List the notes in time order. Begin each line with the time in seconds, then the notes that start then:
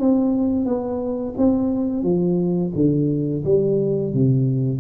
0.00 C4
0.66 B3
1.38 C4
2.04 F3
2.75 D3
3.45 G3
4.14 C3